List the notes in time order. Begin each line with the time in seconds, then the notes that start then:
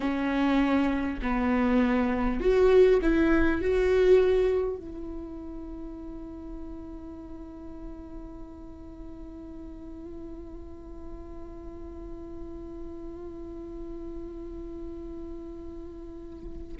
0.00 C#4
1.22 B3
2.40 F#4
3.02 E4
3.61 F#4
4.76 E4